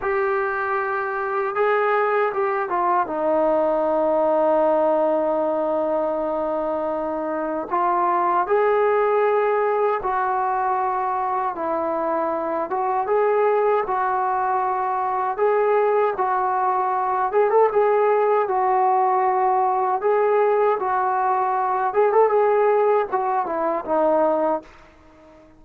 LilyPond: \new Staff \with { instrumentName = "trombone" } { \time 4/4 \tempo 4 = 78 g'2 gis'4 g'8 f'8 | dis'1~ | dis'2 f'4 gis'4~ | gis'4 fis'2 e'4~ |
e'8 fis'8 gis'4 fis'2 | gis'4 fis'4. gis'16 a'16 gis'4 | fis'2 gis'4 fis'4~ | fis'8 gis'16 a'16 gis'4 fis'8 e'8 dis'4 | }